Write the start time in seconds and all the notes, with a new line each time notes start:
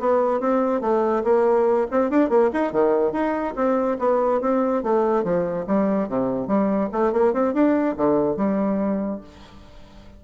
0.00 B3
0.41 C4
0.81 A3
1.24 A#3
1.91 C4
2.11 D4
2.30 A#3
2.53 D#4
2.72 D#3
3.12 D#4
3.56 C4
3.99 B3
4.41 C4
4.83 A3
5.24 F3
5.67 G3
6.09 C3
6.48 G3
6.92 A3
7.13 A#3
7.34 C4
7.54 D4
7.97 D3
8.37 G3